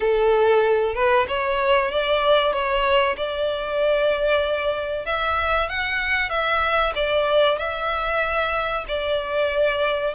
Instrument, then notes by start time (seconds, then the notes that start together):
violin
0.00 A4
0.94 B4
1.28 C#5
1.91 D5
2.53 C#5
3.16 D5
5.05 E5
5.68 F#5
6.29 E5
6.95 D5
7.58 E5
8.88 D5